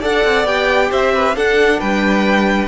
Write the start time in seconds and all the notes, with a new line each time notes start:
0.00 D4 A4 D5 F#5
0.25 C4
0.45 B3 G4 G5
0.90 C4 C5 E5
1.14 B4
1.35 D4 A4 F#5
1.80 G3 B4 G5